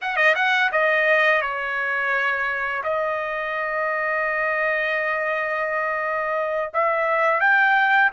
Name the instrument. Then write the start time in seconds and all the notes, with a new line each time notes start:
trumpet
0.01 F#5
0.16 D#5
0.35 F#5
0.72 D#5
1.41 C#5
2.83 D#5
6.73 E5
7.40 G5